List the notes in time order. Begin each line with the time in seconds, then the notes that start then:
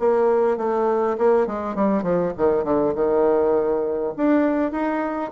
0.00 A#3
0.58 A3
1.19 A#3
1.47 G#3
1.76 G3
2.03 F3
2.38 D#3
2.64 D3
2.95 D#3
4.17 D4
4.72 D#4